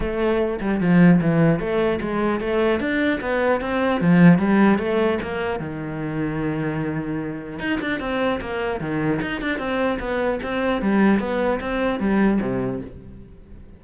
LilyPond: \new Staff \with { instrumentName = "cello" } { \time 4/4 \tempo 4 = 150 a4. g8 f4 e4 | a4 gis4 a4 d'4 | b4 c'4 f4 g4 | a4 ais4 dis2~ |
dis2. dis'8 d'8 | c'4 ais4 dis4 dis'8 d'8 | c'4 b4 c'4 g4 | b4 c'4 g4 c4 | }